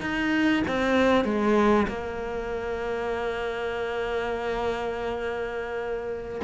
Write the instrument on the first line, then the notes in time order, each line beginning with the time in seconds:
cello
0.00 D#4
0.67 C4
1.24 G#3
1.88 A#3